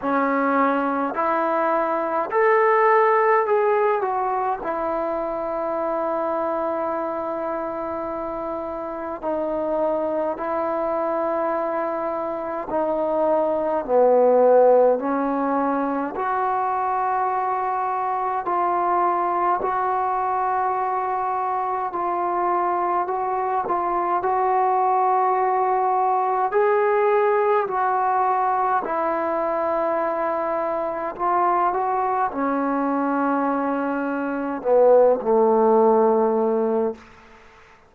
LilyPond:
\new Staff \with { instrumentName = "trombone" } { \time 4/4 \tempo 4 = 52 cis'4 e'4 a'4 gis'8 fis'8 | e'1 | dis'4 e'2 dis'4 | b4 cis'4 fis'2 |
f'4 fis'2 f'4 | fis'8 f'8 fis'2 gis'4 | fis'4 e'2 f'8 fis'8 | cis'2 b8 a4. | }